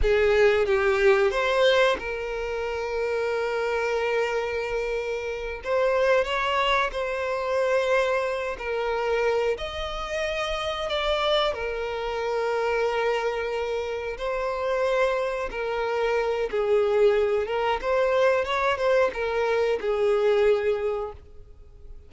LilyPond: \new Staff \with { instrumentName = "violin" } { \time 4/4 \tempo 4 = 91 gis'4 g'4 c''4 ais'4~ | ais'1~ | ais'8 c''4 cis''4 c''4.~ | c''4 ais'4. dis''4.~ |
dis''8 d''4 ais'2~ ais'8~ | ais'4. c''2 ais'8~ | ais'4 gis'4. ais'8 c''4 | cis''8 c''8 ais'4 gis'2 | }